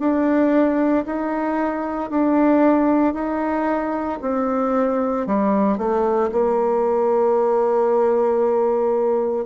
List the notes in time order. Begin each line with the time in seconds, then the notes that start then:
0.00 D4
1.06 D#4
2.11 D4
3.14 D#4
4.22 C4
5.27 G3
5.78 A3
6.33 A#3